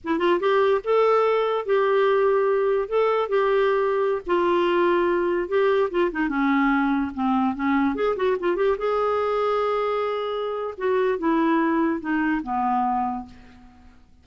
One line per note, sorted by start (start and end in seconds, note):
0.03 0.18 E4
0.18 0.39 F4
0.40 0.81 G4
0.84 1.65 A4
1.65 2.88 G4
2.88 3.28 A4
3.28 4.21 G4
4.26 5.48 F4
5.48 5.89 G4
5.90 6.11 F4
6.11 6.29 D#4
6.29 7.11 C#4
7.14 7.55 C4
7.55 7.95 C#4
7.95 8.16 G#4
8.16 8.37 F#4
8.39 8.56 F4
8.56 8.76 G4
8.77 10.74 G#4
10.77 11.18 F#4
11.18 12.00 E4
12.00 12.41 D#4
12.43 13.25 B3